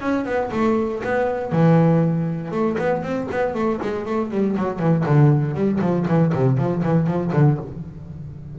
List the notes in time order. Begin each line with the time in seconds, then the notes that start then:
0.00 C#4
0.25 B3
0.51 A3
1.04 B3
1.52 E3
2.51 A3
2.78 B3
3.02 C4
3.31 B3
3.54 A3
3.82 G#3
4.05 A3
4.30 G3
4.56 F#3
4.79 E3
5.05 D3
5.54 G3
5.80 F3
6.08 E3
6.33 C3
6.57 F3
6.83 E3
7.06 F3
7.32 D3